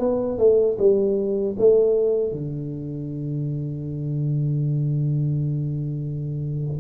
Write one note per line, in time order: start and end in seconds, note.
0.00 0.39 B3
0.39 0.78 A3
0.79 1.57 G3
1.59 2.33 A3
2.33 6.81 D3